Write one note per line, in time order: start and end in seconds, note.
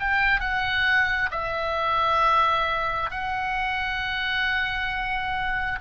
0.00 0.40 G5
0.40 1.30 F#5
1.31 3.10 E5
3.11 5.80 F#5